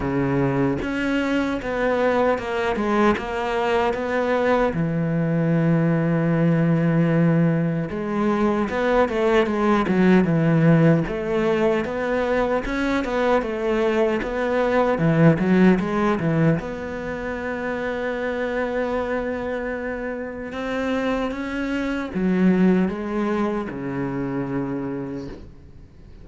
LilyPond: \new Staff \with { instrumentName = "cello" } { \time 4/4 \tempo 4 = 76 cis4 cis'4 b4 ais8 gis8 | ais4 b4 e2~ | e2 gis4 b8 a8 | gis8 fis8 e4 a4 b4 |
cis'8 b8 a4 b4 e8 fis8 | gis8 e8 b2.~ | b2 c'4 cis'4 | fis4 gis4 cis2 | }